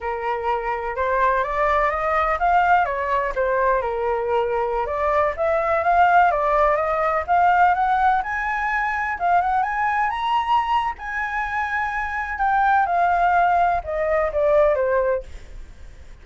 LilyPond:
\new Staff \with { instrumentName = "flute" } { \time 4/4 \tempo 4 = 126 ais'2 c''4 d''4 | dis''4 f''4 cis''4 c''4 | ais'2~ ais'16 d''4 e''8.~ | e''16 f''4 d''4 dis''4 f''8.~ |
f''16 fis''4 gis''2 f''8 fis''16~ | fis''16 gis''4 ais''4.~ ais''16 gis''4~ | gis''2 g''4 f''4~ | f''4 dis''4 d''4 c''4 | }